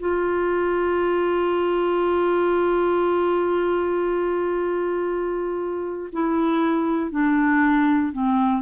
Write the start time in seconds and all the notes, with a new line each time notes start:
0.00 F4
6.12 E4
7.11 D4
8.13 C4